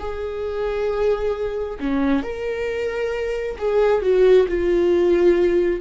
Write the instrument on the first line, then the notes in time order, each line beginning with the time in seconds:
viola
0.00 G#4
1.80 C#4
2.23 A#4
3.58 G#4
4.03 F#4
4.49 F4